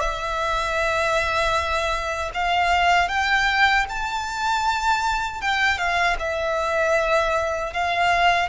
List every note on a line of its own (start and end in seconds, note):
0.00 2.31 E5
2.34 3.08 F5
3.08 3.85 G5
3.89 5.41 A5
5.41 5.78 G5
5.78 6.16 F5
6.19 7.73 E5
7.73 8.49 F5